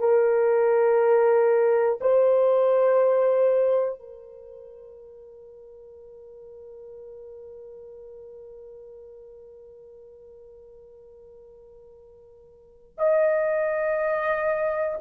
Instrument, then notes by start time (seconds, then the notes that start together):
horn
0.00 A#4
2.01 C5
4.00 A#4
12.99 D#5